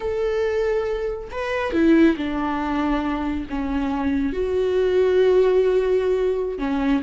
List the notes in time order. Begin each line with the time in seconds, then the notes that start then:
0.00 A4
1.31 B4
1.72 E4
2.16 D4
3.49 C#4
4.32 F#4
6.58 C#4